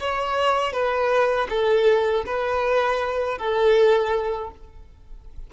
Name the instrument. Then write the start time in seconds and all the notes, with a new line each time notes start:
violin
0.00 C#5
0.73 B4
1.50 A4
2.26 B4
3.39 A4